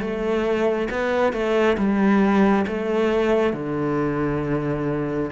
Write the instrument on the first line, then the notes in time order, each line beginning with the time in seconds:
cello
0.00 A3
0.90 B3
1.32 A3
1.77 G3
2.67 A3
3.53 D3